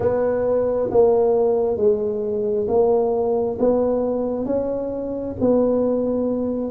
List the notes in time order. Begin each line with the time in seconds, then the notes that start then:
0.00 B3
0.90 A#3
1.76 G#3
2.68 A#3
3.58 B3
4.45 C#4
5.40 B3